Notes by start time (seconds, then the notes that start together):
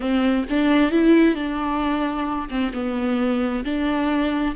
0.00 C4
0.49 D4
0.91 E4
1.35 D4
2.49 C4
2.73 B3
3.64 D4